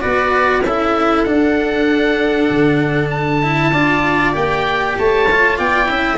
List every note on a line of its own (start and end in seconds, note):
0.00 0.62 B3
0.00 0.62 F#4
0.00 0.62 B4
0.00 0.62 D5
0.62 1.24 C#4
0.62 1.26 E4
0.62 3.72 A4
0.62 1.23 E5
1.23 2.49 D4
1.23 3.42 D4
1.23 3.09 F#5
2.50 3.72 D3
3.10 4.33 A5
3.42 3.73 E4
3.72 4.33 D4
3.72 4.33 F4
3.72 4.96 D5
4.33 4.96 A#3
4.33 5.26 G4
4.33 4.97 G5
4.98 5.59 A3
4.98 5.58 C#5
4.98 5.59 A5
5.31 5.86 F4
5.58 5.89 B3
5.58 5.89 D5
5.58 6.18 G5
5.86 6.18 C#4
5.86 6.17 E4
5.86 6.18 E5